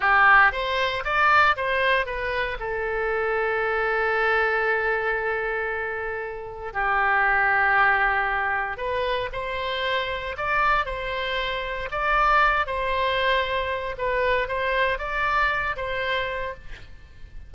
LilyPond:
\new Staff \with { instrumentName = "oboe" } { \time 4/4 \tempo 4 = 116 g'4 c''4 d''4 c''4 | b'4 a'2.~ | a'1~ | a'4 g'2.~ |
g'4 b'4 c''2 | d''4 c''2 d''4~ | d''8 c''2~ c''8 b'4 | c''4 d''4. c''4. | }